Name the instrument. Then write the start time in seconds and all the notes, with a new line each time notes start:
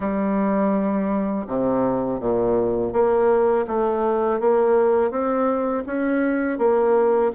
bassoon
0.00 G3
1.47 C3
2.20 A#2
2.92 A#3
3.67 A3
4.40 A#3
5.10 C4
5.86 C#4
6.58 A#3